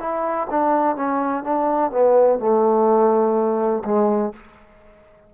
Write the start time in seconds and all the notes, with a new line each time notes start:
0.00 E4
0.51 D4
0.96 C#4
1.44 D4
1.92 B3
2.40 A3
3.85 G#3